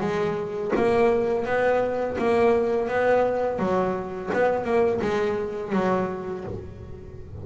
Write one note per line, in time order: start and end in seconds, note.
0.00 0.71 G#3
0.75 1.45 A#3
1.45 2.17 B3
2.18 2.88 A#3
2.88 3.58 B3
3.58 4.30 F#3
4.33 4.64 B3
4.64 5.00 A#3
5.01 5.72 G#3
5.72 6.44 F#3